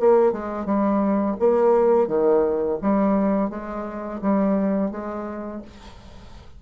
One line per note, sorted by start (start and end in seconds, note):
0.00 0.32 A#3
0.32 0.66 G#3
0.66 1.36 G3
1.40 2.08 A#3
2.08 2.78 D#3
2.82 3.50 G3
3.50 4.21 G#3
4.22 4.91 G3
4.91 5.62 G#3